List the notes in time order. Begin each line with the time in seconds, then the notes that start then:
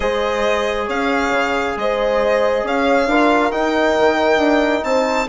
0.00 G#3 G#4 C5 D#5
0.86 C#4 C#5 F5
1.31 C#3
1.76 G#3 C5 D#5
2.63 C#4 C#5 F5
3.06 D4 F4 A#4
3.51 D#4 G5
3.99 D#3
4.37 D4
4.84 C4 C5 A5